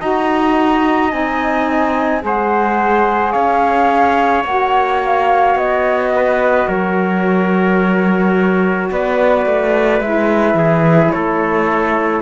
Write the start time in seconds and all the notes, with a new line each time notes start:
0.00 D#4 F#4 D#5 A#5
1.10 C4 D#4 G#5
2.21 G#3 G#4 C5 F#5
3.33 C#4 C#5 F5
4.44 A#3 F#4 F#5
5.05 F5
5.55 B3 D#5
6.16 B4
6.68 F#3 A#4 C#5
8.91 B3 B4 D5
9.46 A3
10.01 G#3 E4 E5
10.55 E3 G#4
11.11 A3 A4 C#5